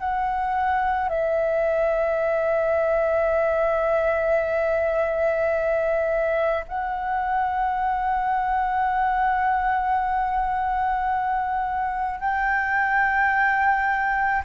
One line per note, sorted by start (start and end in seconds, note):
0.00 1.09 F#5
1.09 6.65 E5
6.68 12.20 F#5
12.20 14.42 G5